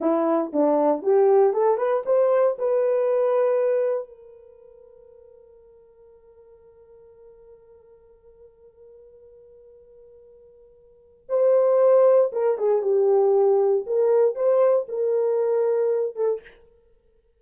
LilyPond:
\new Staff \with { instrumentName = "horn" } { \time 4/4 \tempo 4 = 117 e'4 d'4 g'4 a'8 b'8 | c''4 b'2. | ais'1~ | ais'1~ |
ais'1~ | ais'2 c''2 | ais'8 gis'8 g'2 ais'4 | c''4 ais'2~ ais'8 a'8 | }